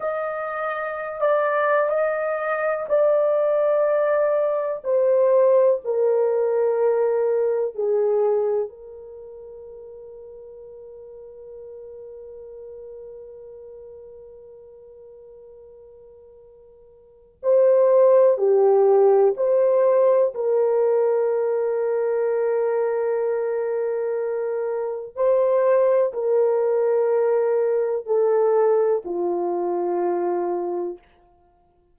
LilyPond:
\new Staff \with { instrumentName = "horn" } { \time 4/4 \tempo 4 = 62 dis''4~ dis''16 d''8. dis''4 d''4~ | d''4 c''4 ais'2 | gis'4 ais'2.~ | ais'1~ |
ais'2 c''4 g'4 | c''4 ais'2.~ | ais'2 c''4 ais'4~ | ais'4 a'4 f'2 | }